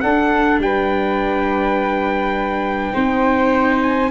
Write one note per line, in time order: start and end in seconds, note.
0.00 2.93 D4
0.00 0.58 D4
0.00 0.61 A4
0.00 0.58 F#5
0.58 2.91 G3
0.58 2.93 B4
0.58 3.82 G5
2.93 4.10 C4
2.93 4.09 D#4
2.93 4.10 C5
3.82 4.10 G#5